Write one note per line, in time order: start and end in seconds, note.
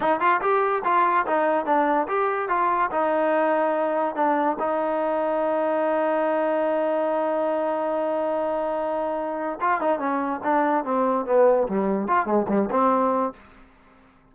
0.00 0.20 D#4
0.20 0.41 F4
0.41 0.83 G4
0.84 1.26 F4
1.26 1.65 D#4
1.65 2.07 D4
2.07 2.48 G4
2.48 2.90 F4
2.91 4.15 D#4
4.15 4.57 D4
4.59 9.59 D#4
9.60 9.80 F4
9.80 9.98 D#4
9.98 10.40 C#4
10.43 10.84 D4
10.84 11.25 C4
11.25 11.67 B3
11.68 12.07 G3
12.07 12.25 F4
12.25 12.46 G#3
12.48 12.69 G3
12.70 13.33 C4